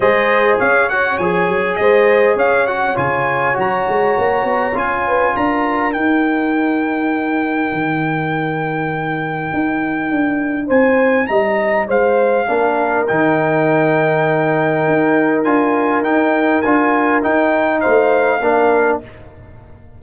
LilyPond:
<<
  \new Staff \with { instrumentName = "trumpet" } { \time 4/4 \tempo 4 = 101 dis''4 f''8 fis''8 gis''4 dis''4 | f''8 fis''8 gis''4 ais''2 | gis''4 ais''4 g''2~ | g''1~ |
g''2 gis''4 ais''4 | f''2 g''2~ | g''2 gis''4 g''4 | gis''4 g''4 f''2 | }
  \new Staff \with { instrumentName = "horn" } { \time 4/4 c''4 cis''2 c''4 | cis''1~ | cis''8 b'8 ais'2.~ | ais'1~ |
ais'2 c''4 dis''4 | c''4 ais'2.~ | ais'1~ | ais'2 c''4 ais'4 | }
  \new Staff \with { instrumentName = "trombone" } { \time 4/4 gis'4. fis'8 gis'2~ | gis'8 fis'8 f'4 fis'2 | f'2 dis'2~ | dis'1~ |
dis'1~ | dis'4 d'4 dis'2~ | dis'2 f'4 dis'4 | f'4 dis'2 d'4 | }
  \new Staff \with { instrumentName = "tuba" } { \time 4/4 gis4 cis'4 f8 fis8 gis4 | cis'4 cis4 fis8 gis8 ais8 b8 | cis'4 d'4 dis'2~ | dis'4 dis2. |
dis'4 d'4 c'4 g4 | gis4 ais4 dis2~ | dis4 dis'4 d'4 dis'4 | d'4 dis'4 a4 ais4 | }
>>